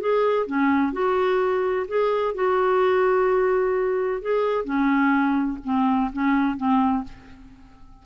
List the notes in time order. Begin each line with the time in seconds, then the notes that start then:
0.00 G#4
0.46 C#4
0.92 F#4
1.88 G#4
2.34 F#4
4.21 G#4
4.64 C#4
5.64 C4
6.12 C#4
6.56 C4